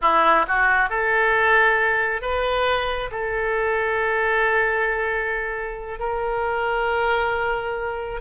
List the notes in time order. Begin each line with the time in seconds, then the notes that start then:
0.01 E4
0.47 F#4
0.89 A4
2.21 B4
3.11 A4
5.99 A#4